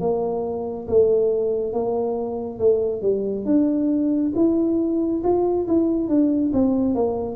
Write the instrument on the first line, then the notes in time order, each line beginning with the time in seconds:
tuba
0.00 A#3
0.87 A3
1.73 A#3
2.59 A3
3.02 G3
3.45 D4
4.35 E4
5.23 F4
5.68 E4
6.08 D4
6.53 C4
6.94 A#3